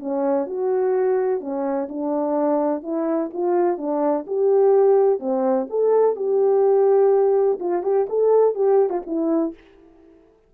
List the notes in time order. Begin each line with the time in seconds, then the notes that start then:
0.00 C#4
0.47 F#4
1.41 C#4
1.89 D4
2.83 E4
3.33 F4
3.78 D4
4.27 G4
5.20 C4
5.70 A4
6.16 G4
7.60 F4
7.83 G4
8.09 A4
8.55 G4
8.90 F4
9.06 E4